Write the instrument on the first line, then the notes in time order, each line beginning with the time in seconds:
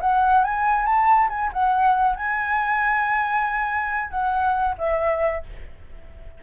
flute
0.00 F#5
0.44 G#5
0.85 A5
1.29 G#5
1.52 F#5
2.16 G#5
4.10 F#5
4.77 E5